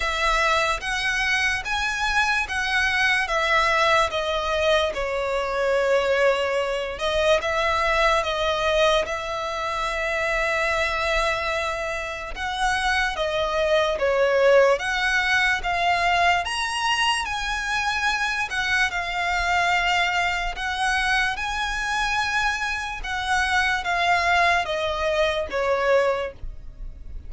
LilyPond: \new Staff \with { instrumentName = "violin" } { \time 4/4 \tempo 4 = 73 e''4 fis''4 gis''4 fis''4 | e''4 dis''4 cis''2~ | cis''8 dis''8 e''4 dis''4 e''4~ | e''2. fis''4 |
dis''4 cis''4 fis''4 f''4 | ais''4 gis''4. fis''8 f''4~ | f''4 fis''4 gis''2 | fis''4 f''4 dis''4 cis''4 | }